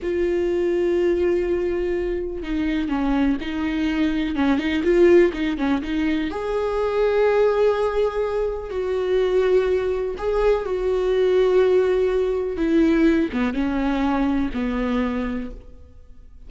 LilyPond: \new Staff \with { instrumentName = "viola" } { \time 4/4 \tempo 4 = 124 f'1~ | f'4 dis'4 cis'4 dis'4~ | dis'4 cis'8 dis'8 f'4 dis'8 cis'8 | dis'4 gis'2.~ |
gis'2 fis'2~ | fis'4 gis'4 fis'2~ | fis'2 e'4. b8 | cis'2 b2 | }